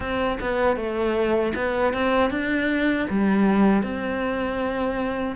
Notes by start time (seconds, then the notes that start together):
0.00 C4
0.40 B3
0.76 A3
1.55 B3
1.93 C4
2.30 D4
3.09 G3
3.83 C4